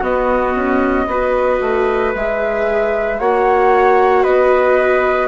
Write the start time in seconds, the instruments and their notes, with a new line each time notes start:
0.00 bassoon B3, viola B3, trumpet F#4, flute D#5
0.54 bassoon C#4
1.06 bassoon B3, viola F#4, trumpet B4
1.61 bassoon A3
2.14 bassoon G#3, viola G#4, flute E5
3.19 bassoon A#3, viola F#4, trumpet C#5, flute F#5
4.23 bassoon B3, trumpet B4, flute D#5